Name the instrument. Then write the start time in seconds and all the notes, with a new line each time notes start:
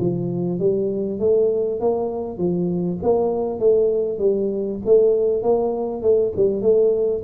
tuba
0.00 F3
0.60 G3
1.20 A3
1.80 A#3
2.38 F3
3.03 A#3
3.60 A3
4.19 G3
4.85 A3
5.42 A#3
6.02 A3
6.36 G3
6.62 A3